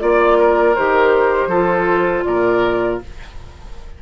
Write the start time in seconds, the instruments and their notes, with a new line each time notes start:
0.00 bassoon A#3, clarinet F4, flute D5, oboe D5
0.38 oboe A#4
0.75 bassoon D#3, clarinet G4, flute C5
1.48 bassoon F3, clarinet F4, oboe A4
2.25 bassoon A#2, oboe A#4, flute D5